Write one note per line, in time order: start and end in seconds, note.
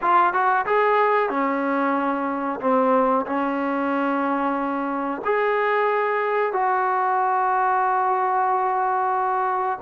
0.01 0.33 F4
0.33 0.65 F#4
0.66 1.29 G#4
1.29 2.60 C#4
2.60 3.25 C4
3.25 5.21 C#4
5.24 6.52 G#4
6.52 9.79 F#4